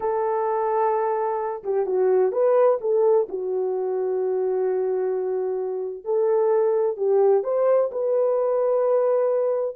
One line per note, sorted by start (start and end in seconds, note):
0.00 1.63 A4
1.63 1.86 G4
1.86 2.32 F#4
2.32 2.78 B4
2.81 3.27 A4
3.28 6.04 F#4
6.04 6.96 A4
6.96 7.43 G4
7.43 7.90 C5
7.91 9.75 B4